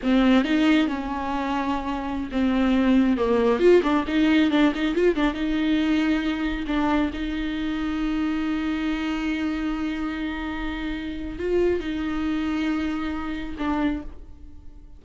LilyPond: \new Staff \with { instrumentName = "viola" } { \time 4/4 \tempo 4 = 137 c'4 dis'4 cis'2~ | cis'4~ cis'16 c'2 ais8.~ | ais16 f'8 d'8 dis'4 d'8 dis'8 f'8 d'16~ | d'16 dis'2. d'8.~ |
d'16 dis'2.~ dis'8.~ | dis'1~ | dis'2 f'4 dis'4~ | dis'2. d'4 | }